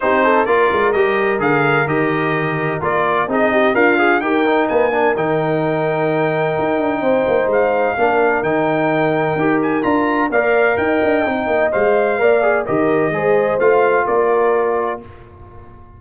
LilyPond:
<<
  \new Staff \with { instrumentName = "trumpet" } { \time 4/4 \tempo 4 = 128 c''4 d''4 dis''4 f''4 | dis''2 d''4 dis''4 | f''4 g''4 gis''4 g''4~ | g''1 |
f''2 g''2~ | g''8 gis''8 ais''4 f''4 g''4~ | g''4 f''2 dis''4~ | dis''4 f''4 d''2 | }
  \new Staff \with { instrumentName = "horn" } { \time 4/4 g'8 a'8 ais'2.~ | ais'2. gis'8 g'8 | f'4 ais'4 b'8 ais'4.~ | ais'2. c''4~ |
c''4 ais'2.~ | ais'2 d''4 dis''4~ | dis''2 d''4 ais'4 | c''2 ais'2 | }
  \new Staff \with { instrumentName = "trombone" } { \time 4/4 dis'4 f'4 g'4 gis'4 | g'2 f'4 dis'4 | ais'8 gis'8 g'8 dis'4 d'8 dis'4~ | dis'1~ |
dis'4 d'4 dis'2 | g'4 f'4 ais'2 | dis'4 c''4 ais'8 gis'8 g'4 | gis'4 f'2. | }
  \new Staff \with { instrumentName = "tuba" } { \time 4/4 c'4 ais8 gis8 g4 d4 | dis2 ais4 c'4 | d'4 dis'4 ais4 dis4~ | dis2 dis'8 d'8 c'8 ais8 |
gis4 ais4 dis2 | dis'4 d'4 ais4 dis'8 d'8 | c'8 ais8 gis4 ais4 dis4 | gis4 a4 ais2 | }
>>